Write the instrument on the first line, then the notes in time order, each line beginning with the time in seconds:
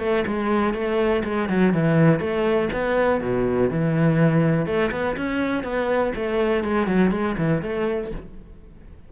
cello
0.00 A3
0.27 G#3
0.74 A3
1.25 G#3
1.50 F#3
1.74 E3
2.20 A3
2.73 B3
3.22 B2
3.71 E3
4.67 A3
4.92 B3
5.17 C#4
5.64 B3
6.16 A3
6.64 G#3
6.88 F#3
7.12 G#3
7.38 E3
7.63 A3